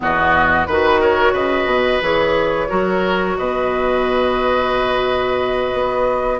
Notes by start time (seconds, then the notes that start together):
0.00 E2 B3 F#4 D#5
0.65 D#3 F#4 B4
1.00 A#4 C#5
1.32 C#3 B4 D#5
1.65 B2
2.01 E3 G#4 C#5
2.68 F#3 F#4 A#4
3.37 B2 B4 D#5
5.73 B3